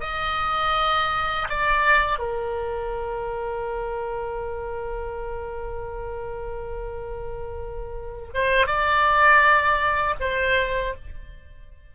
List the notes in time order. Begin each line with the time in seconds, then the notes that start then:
0.00 D#5
1.49 D5
2.19 A#4
8.34 C5
8.67 D5
10.20 C5